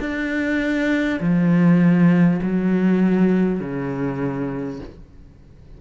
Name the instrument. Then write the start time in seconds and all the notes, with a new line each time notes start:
cello
0.00 D4
1.21 F3
2.43 F#3
3.60 C#3